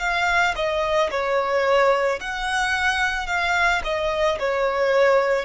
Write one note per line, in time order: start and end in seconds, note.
0.00 0.55 F5
0.56 1.11 D#5
1.11 2.20 C#5
2.21 3.27 F#5
3.27 3.82 F5
3.84 4.39 D#5
4.39 5.45 C#5